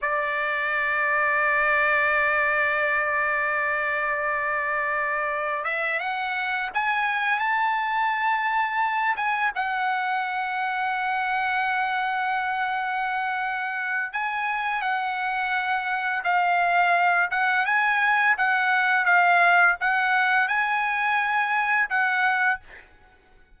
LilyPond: \new Staff \with { instrumentName = "trumpet" } { \time 4/4 \tempo 4 = 85 d''1~ | d''1 | e''8 fis''4 gis''4 a''4.~ | a''4 gis''8 fis''2~ fis''8~ |
fis''1 | gis''4 fis''2 f''4~ | f''8 fis''8 gis''4 fis''4 f''4 | fis''4 gis''2 fis''4 | }